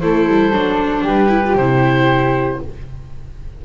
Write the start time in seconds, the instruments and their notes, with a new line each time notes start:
0.00 double bass A3, viola E4, flute A4, oboe C5
0.28 double bass G3
0.52 double bass F#3, viola D4
1.03 double bass G3, flute G4, oboe B4
1.29 viola E4
1.45 viola F4
1.55 double bass C3, viola E4, oboe C5